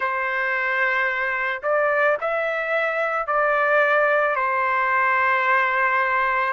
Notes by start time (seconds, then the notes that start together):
0.00 C5
1.63 D5
2.20 E5
3.27 D5
4.35 C5